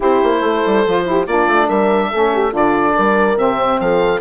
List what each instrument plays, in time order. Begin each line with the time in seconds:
0.00 bassoon C4, saxophone E4, horn G4, oboe C5
0.23 bassoon A#3
0.40 bassoon A3, horn A4
0.66 bassoon G3
0.86 bassoon F3, saxophone F4
1.04 saxophone E4, horn G4
1.26 bassoon A#3, saxophone D4, horn F4, oboe D5
1.47 bassoon A3
1.68 bassoon G3, horn A#4, oboe E5
2.11 bassoon A3, saxophone C#4, horn A4
2.33 horn G4
2.51 bassoon D3, saxophone D4, horn F4, oboe D5
2.95 bassoon G3, horn A#4
3.35 bassoon C3, saxophone C4, oboe E5
3.59 horn C5
3.80 bassoon F3, horn A4, oboe F5